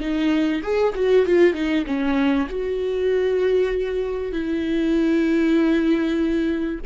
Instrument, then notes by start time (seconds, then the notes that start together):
viola
0.00 D#4
0.62 G#4
0.95 F#4
1.26 F4
1.54 D#4
1.86 C#4
2.49 F#4
4.32 E4